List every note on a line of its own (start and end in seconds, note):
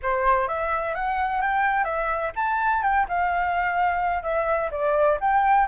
0.02 0.47 C5
0.47 0.94 E5
0.94 1.41 F#5
1.41 1.84 G5
1.84 2.31 E5
2.35 2.82 A5
2.82 3.06 G5
3.08 4.22 F5
4.22 4.69 E5
4.71 5.18 D5
5.20 5.67 G5